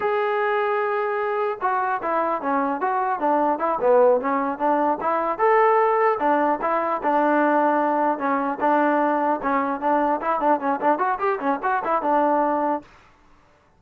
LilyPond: \new Staff \with { instrumentName = "trombone" } { \time 4/4 \tempo 4 = 150 gis'1 | fis'4 e'4 cis'4 fis'4 | d'4 e'8 b4 cis'4 d'8~ | d'8 e'4 a'2 d'8~ |
d'8 e'4 d'2~ d'8~ | d'8 cis'4 d'2 cis'8~ | cis'8 d'4 e'8 d'8 cis'8 d'8 fis'8 | g'8 cis'8 fis'8 e'8 d'2 | }